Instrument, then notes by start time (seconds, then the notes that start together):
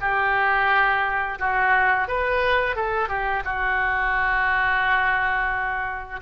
oboe
0.00 G4
1.39 F#4
2.07 B4
2.76 A4
3.08 G4
3.44 F#4